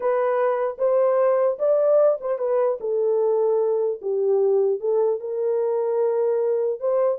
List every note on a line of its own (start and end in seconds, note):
0.00 0.77 B4
0.77 1.57 C5
1.59 2.19 D5
2.21 2.38 C5
2.38 2.78 B4
2.80 4.00 A4
4.01 4.80 G4
4.80 5.19 A4
5.19 6.79 A#4
6.80 7.18 C5